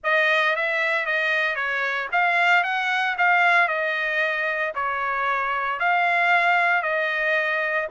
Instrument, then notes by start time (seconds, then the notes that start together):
trumpet
0.03 D#5
0.56 E5
1.06 D#5
1.55 C#5
2.12 F5
2.63 F#5
3.17 F5
3.68 D#5
4.74 C#5
5.79 F5
6.82 D#5